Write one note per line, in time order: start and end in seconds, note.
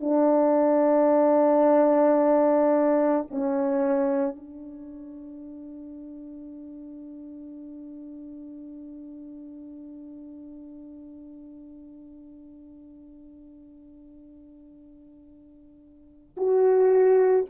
0.00 3.27 D4
3.30 4.36 C#4
4.36 16.36 D4
16.37 17.46 F#4